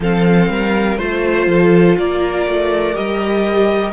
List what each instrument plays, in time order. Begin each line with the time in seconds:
0.00 cello F3, viola C4, violin A4 F5
0.49 cello G3, violin A#4
0.97 cello A3, viola F4, violin C5
1.46 cello F3, violin A4
1.97 cello A#3, violin A#4 D5
2.46 cello A3
2.93 cello G3, viola G4, violin D#5